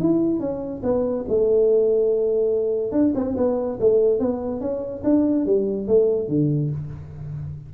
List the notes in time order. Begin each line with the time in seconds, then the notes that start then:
0.00 E4
0.40 C#4
0.84 B3
1.29 A3
2.92 D4
3.15 C4
3.37 B3
3.81 A3
4.20 B3
4.61 C#4
5.04 D4
5.46 G3
5.88 A3
6.28 D3